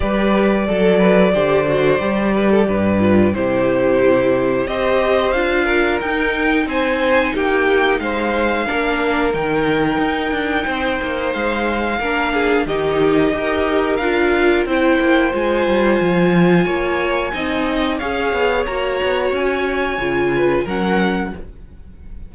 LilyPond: <<
  \new Staff \with { instrumentName = "violin" } { \time 4/4 \tempo 4 = 90 d''1~ | d''4 c''2 dis''4 | f''4 g''4 gis''4 g''4 | f''2 g''2~ |
g''4 f''2 dis''4~ | dis''4 f''4 g''4 gis''4~ | gis''2. f''4 | ais''4 gis''2 fis''4 | }
  \new Staff \with { instrumentName = "violin" } { \time 4/4 b'4 a'8 b'8 c''4. b'16 a'16 | b'4 g'2 c''4~ | c''8 ais'4. c''4 g'4 | c''4 ais'2. |
c''2 ais'8 gis'8 g'4 | ais'2 c''2~ | c''4 cis''4 dis''4 cis''4~ | cis''2~ cis''8 b'8 ais'4 | }
  \new Staff \with { instrumentName = "viola" } { \time 4/4 g'4 a'4 g'8 fis'8 g'4~ | g'8 f'8 e'2 g'4 | f'4 dis'2.~ | dis'4 d'4 dis'2~ |
dis'2 d'4 dis'4 | g'4 f'4 e'4 f'4~ | f'2 dis'4 gis'4 | fis'2 f'4 cis'4 | }
  \new Staff \with { instrumentName = "cello" } { \time 4/4 g4 fis4 d4 g4 | g,4 c2 c'4 | d'4 dis'4 c'4 ais4 | gis4 ais4 dis4 dis'8 d'8 |
c'8 ais8 gis4 ais4 dis4 | dis'4 d'4 c'8 ais8 gis8 g8 | f4 ais4 c'4 cis'8 b8 | ais8 b8 cis'4 cis4 fis4 | }
>>